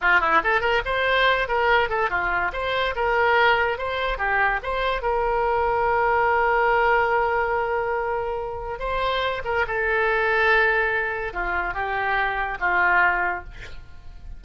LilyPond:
\new Staff \with { instrumentName = "oboe" } { \time 4/4 \tempo 4 = 143 f'8 e'8 a'8 ais'8 c''4. ais'8~ | ais'8 a'8 f'4 c''4 ais'4~ | ais'4 c''4 g'4 c''4 | ais'1~ |
ais'1~ | ais'4 c''4. ais'8 a'4~ | a'2. f'4 | g'2 f'2 | }